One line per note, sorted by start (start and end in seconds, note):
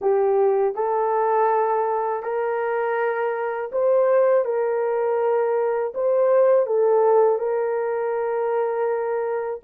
0.01 0.74 G4
0.74 2.22 A4
2.22 3.70 A#4
3.72 4.44 C5
4.44 5.93 A#4
5.94 6.66 C5
6.66 7.38 A4
7.38 9.60 A#4